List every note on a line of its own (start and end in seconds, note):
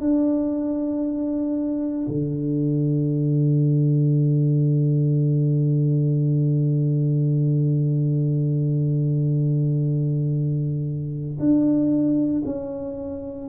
0.00 2.07 D4
2.08 11.39 D3
11.39 12.43 D4
12.45 13.49 C#4